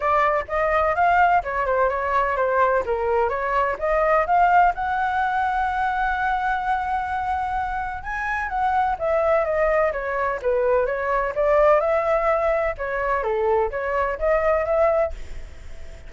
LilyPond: \new Staff \with { instrumentName = "flute" } { \time 4/4 \tempo 4 = 127 d''4 dis''4 f''4 cis''8 c''8 | cis''4 c''4 ais'4 cis''4 | dis''4 f''4 fis''2~ | fis''1~ |
fis''4 gis''4 fis''4 e''4 | dis''4 cis''4 b'4 cis''4 | d''4 e''2 cis''4 | a'4 cis''4 dis''4 e''4 | }